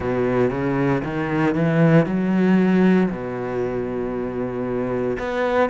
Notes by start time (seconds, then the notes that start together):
0.00 B2
0.50 C#3
1.03 D#3
1.55 E3
2.05 F#3
3.10 B2
5.18 B3